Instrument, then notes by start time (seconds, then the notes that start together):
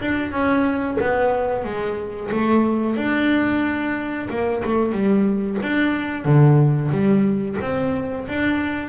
double bass
0.00 D4
0.31 C#4
1.00 B3
1.64 G#3
2.31 A3
2.96 D4
4.29 A#3
4.64 A3
4.92 G3
5.62 D4
6.25 D3
6.91 G3
7.61 C4
8.28 D4